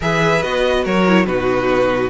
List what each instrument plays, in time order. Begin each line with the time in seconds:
0.00 cello E3, viola G#4, violin B4 E5
0.42 cello B3, viola F#4, violin D#5
0.83 cello F#3, violin A#4 C#5
1.07 viola E4
1.25 cello B2, viola D#4, violin F#4 B4